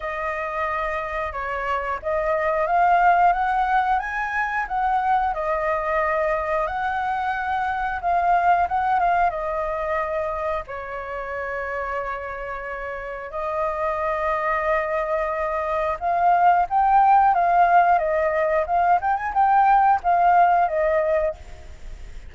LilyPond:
\new Staff \with { instrumentName = "flute" } { \time 4/4 \tempo 4 = 90 dis''2 cis''4 dis''4 | f''4 fis''4 gis''4 fis''4 | dis''2 fis''2 | f''4 fis''8 f''8 dis''2 |
cis''1 | dis''1 | f''4 g''4 f''4 dis''4 | f''8 g''16 gis''16 g''4 f''4 dis''4 | }